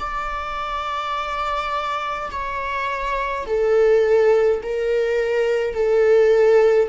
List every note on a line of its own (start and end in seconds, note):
0.00 2.31 D5
2.31 3.46 C#5
3.47 4.62 A4
4.63 5.74 A#4
5.74 6.90 A4